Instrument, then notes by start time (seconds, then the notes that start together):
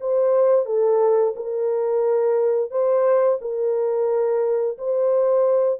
horn
0.00 C5
0.66 A4
1.36 A#4
2.71 C5
3.41 A#4
4.78 C5